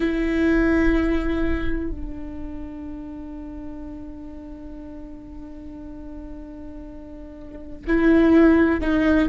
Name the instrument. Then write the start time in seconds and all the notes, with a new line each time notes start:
viola
0.00 E4
1.90 D4
7.87 E4
8.80 D#4